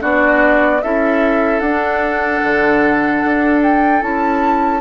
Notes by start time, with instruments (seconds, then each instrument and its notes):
0.00 bassoon B3, clarinet D4, oboe F#4, flute D5
0.82 bassoon C#4, clarinet E4, oboe A4, flute E5
1.60 bassoon D4, clarinet D4, flute F#5
2.43 bassoon D3
3.24 bassoon D4
3.63 flute G5
4.01 bassoon C#4, clarinet E4, flute A5